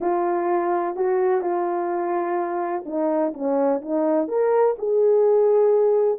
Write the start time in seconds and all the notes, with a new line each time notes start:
0.00 F4
0.95 F#4
1.41 F4
2.85 D#4
3.33 C#4
3.81 D#4
4.28 A#4
4.78 G#4